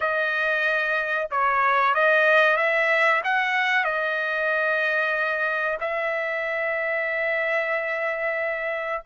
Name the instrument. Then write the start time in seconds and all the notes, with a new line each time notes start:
trumpet
0.00 D#5
1.30 C#5
1.94 D#5
2.57 E5
3.23 F#5
3.84 D#5
5.80 E5